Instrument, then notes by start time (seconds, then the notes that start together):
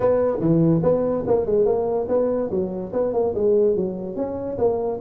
tuba
0.00 B3
0.40 E3
0.83 B3
1.26 A#3
1.46 G#3
1.65 A#3
2.08 B3
2.50 F#3
2.92 B3
3.13 A#3
3.34 G#3
3.76 F#3
4.16 C#4
4.58 A#3